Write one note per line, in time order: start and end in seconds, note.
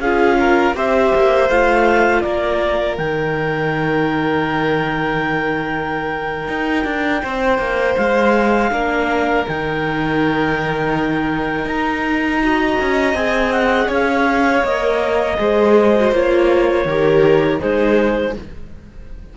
0.00 0.74 C#4
0.00 0.75 F4
0.00 0.38 G#4
0.00 0.74 F5
0.39 0.76 A#4
0.75 1.12 C4
0.75 1.49 G4
0.75 2.22 C5
0.75 1.50 E5
1.15 1.50 A#3
1.50 2.24 A3
1.50 2.98 F4
1.50 2.21 F5
2.21 2.98 A#3
2.21 7.22 A#4
2.21 2.95 D5
2.97 6.48 D#3
2.97 8.71 D#4
2.97 7.97 G5
6.48 6.84 D#4
6.84 7.21 D4
7.22 7.58 C4
7.22 8.70 C5
7.58 7.95 A#3
7.97 8.71 G#3
7.97 9.45 F5
8.71 9.45 A#3
8.71 9.46 D4
8.71 12.43 A#4
9.47 11.65 D#3
9.47 12.42 D#4
9.47 11.68 G5
11.65 12.76 D#4
11.65 13.16 A#5
12.42 13.15 F#4
12.42 13.87 D#5
12.80 13.14 C#4
13.14 13.88 C4
13.14 14.63 G#4
13.14 13.52 G#5
13.52 13.89 F#5
13.87 14.63 C#4
13.87 15.35 C#5
13.87 14.65 F5
14.64 15.38 A#3
14.64 15.37 A#4
14.64 16.13 D#5
15.37 16.12 G#3
15.37 15.93 G#4
15.37 16.86 C5
15.96 16.14 F#4
16.12 16.85 A#3
16.12 16.88 F4
16.12 17.60 C#5
16.85 17.59 D#3
16.85 17.60 G4
16.85 17.60 A#4
17.60 18.37 G#3
17.60 18.34 D#4
17.60 18.34 G#4
17.60 18.34 C5